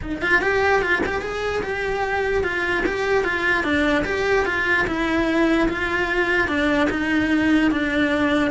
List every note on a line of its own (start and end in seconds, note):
0.02 0.21 D#4
0.21 0.41 F4
0.41 0.82 G4
0.82 1.02 F4
1.06 1.21 G4
1.21 1.62 G#4
1.62 2.43 G4
2.43 2.84 F4
2.85 3.24 G4
3.24 3.63 F4
3.63 4.04 D4
4.04 4.45 G4
4.45 4.86 F4
4.87 5.68 E4
5.68 6.48 F4
6.48 6.88 D4
6.90 7.71 D#4
7.71 8.51 D4